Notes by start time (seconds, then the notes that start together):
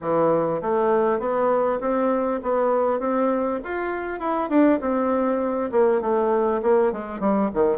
0.01 E3
0.61 A3
1.19 B3
1.80 C4
2.42 B3
2.99 C4
3.64 F4
4.19 E4
4.49 D4
4.81 C4
5.71 A#3
6.01 A3
6.62 A#3
6.92 G#3
7.19 G3
7.54 D#3